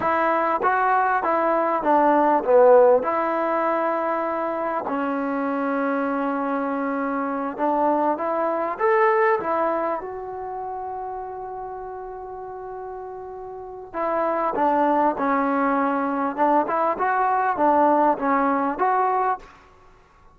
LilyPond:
\new Staff \with { instrumentName = "trombone" } { \time 4/4 \tempo 4 = 99 e'4 fis'4 e'4 d'4 | b4 e'2. | cis'1~ | cis'8 d'4 e'4 a'4 e'8~ |
e'8 fis'2.~ fis'8~ | fis'2. e'4 | d'4 cis'2 d'8 e'8 | fis'4 d'4 cis'4 fis'4 | }